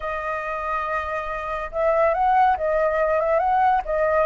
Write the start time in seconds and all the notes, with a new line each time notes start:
0.00 D#5
1.71 E5
2.14 F#5
2.57 D#5
3.20 E5
3.39 F#5
3.85 D#5